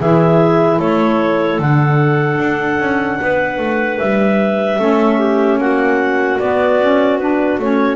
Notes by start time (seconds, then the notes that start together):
0.00 E3 E4 G#4 E5
0.78 A3 A4 C#5
1.59 D3 D4 F#5
2.39 D4
2.79 C#4
3.22 B3 B4
3.58 A3
3.99 G3 E5
4.78 A3 C#4 A4
5.19 G4
5.58 A#3 F#4 F#5
6.39 B3 D5
6.81 C#4
7.19 D4 B4
7.59 A3 C#4 C#5